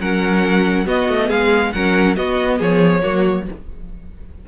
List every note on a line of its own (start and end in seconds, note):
0.00 0.87 F#3
0.00 0.85 C#4
0.00 0.86 A#4
0.00 0.87 F#5
0.85 1.72 B3
0.85 1.08 B3
0.85 1.27 F#4
0.85 1.30 D#5
1.08 1.30 A3
1.27 1.73 G#3
1.27 1.70 G#4
1.27 1.72 F5
1.72 2.17 F#3
1.72 2.15 C#4
1.72 2.16 A#4
1.72 2.16 F#5
2.15 3.02 B3
2.15 2.60 B3
2.15 2.58 F#4
2.15 2.59 D#5
2.58 3.03 F3
2.58 3.01 G#4
2.58 3.48 C#5
3.02 3.48 F#3
3.02 3.45 A#3
3.02 3.46 F#4